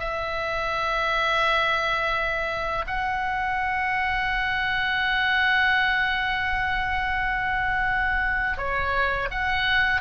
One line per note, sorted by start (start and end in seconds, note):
0.00 2.86 E5
2.87 8.57 F#5
8.57 9.29 C#5
9.31 10.01 F#5